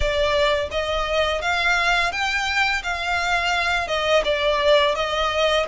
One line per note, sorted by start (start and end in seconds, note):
0.00 0.69 D5
0.71 1.41 D#5
1.41 2.11 F5
2.11 2.82 G5
2.83 3.87 F5
3.87 4.22 D#5
4.24 4.95 D5
4.95 5.66 D#5